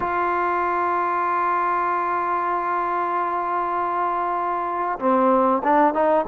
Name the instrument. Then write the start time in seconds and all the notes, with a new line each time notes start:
trombone
0.00 F4
4.99 C4
5.63 D4
5.94 D#4